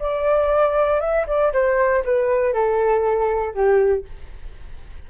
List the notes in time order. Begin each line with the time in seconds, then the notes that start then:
0.00 D5
1.01 E5
1.28 D5
1.53 C5
2.05 B4
2.54 A4
3.55 G4